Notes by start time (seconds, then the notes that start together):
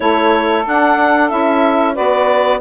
0.00 A3 E4 A4 C#5
0.66 D4 F#5
1.29 C#4 E4 E5
1.94 B3 F#4 B4 D5